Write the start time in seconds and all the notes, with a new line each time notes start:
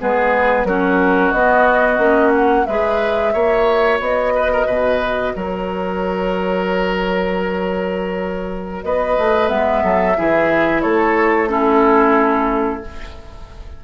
0.00 G#3 B3 G#4 B4
0.64 F#3 C#4 F#4 A#4
1.31 B3 D#5
1.98 A#3 C#4
2.35 F#5
2.65 G#3 G#4 B4 E5
3.33 A#3 F#4 C#5
4.00 B3 D#5
4.35 B4
4.52 A#4
4.66 B2 B4
5.35 F#3 A#4 C#5
8.83 B3 B4 D#5
9.18 A3
9.47 G#3 B3 E5
9.83 F#3 A4
10.17 E3 E4 G#4
10.81 A3 A4 C#5
11.48 C#4 E4 A4